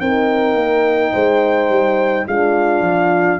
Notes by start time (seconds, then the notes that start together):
0.00 C4 D#4 A#4 G5
0.54 A#3
1.12 G#3 C5
1.69 G3
2.27 G#3 D4 F4 F5
2.80 F3